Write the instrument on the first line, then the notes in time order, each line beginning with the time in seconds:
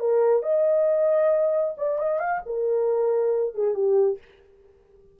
horn
0.00 A#4
0.43 D#5
1.78 D5
1.99 D#5
2.20 F5
2.46 A#4
3.55 G#4
3.74 G4